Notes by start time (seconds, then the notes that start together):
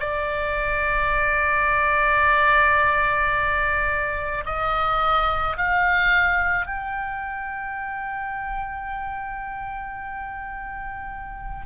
0.00 D5
4.45 D#5
5.57 F5
6.67 G5